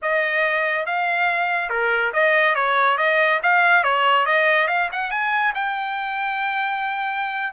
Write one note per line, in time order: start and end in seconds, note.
0.02 0.86 D#5
0.86 1.69 F5
1.69 2.12 A#4
2.13 2.55 D#5
2.55 2.97 C#5
2.97 3.40 D#5
3.43 3.83 F5
3.83 4.26 C#5
4.26 4.67 D#5
4.67 4.89 F5
4.92 5.10 F#5
5.10 5.53 G#5
5.55 7.53 G5